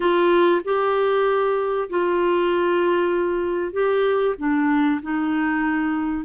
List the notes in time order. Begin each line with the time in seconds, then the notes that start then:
0.00 F4
0.64 G4
1.89 F4
3.72 G4
4.38 D4
5.02 D#4